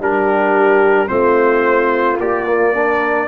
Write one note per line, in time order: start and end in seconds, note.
0.00 1.09 G3
0.00 1.08 D4
0.00 1.10 G4
0.00 1.08 A#4
1.08 2.19 A3
1.08 2.17 C4
1.08 2.74 F4
1.08 2.17 C5
2.19 3.28 A#3
2.19 2.47 G4
2.19 3.28 D5
2.47 2.74 A#3
2.74 3.28 D4
2.74 3.28 A#4